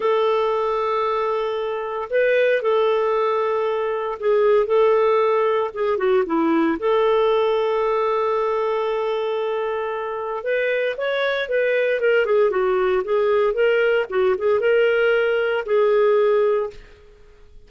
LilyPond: \new Staff \with { instrumentName = "clarinet" } { \time 4/4 \tempo 4 = 115 a'1 | b'4 a'2. | gis'4 a'2 gis'8 fis'8 | e'4 a'2.~ |
a'1 | b'4 cis''4 b'4 ais'8 gis'8 | fis'4 gis'4 ais'4 fis'8 gis'8 | ais'2 gis'2 | }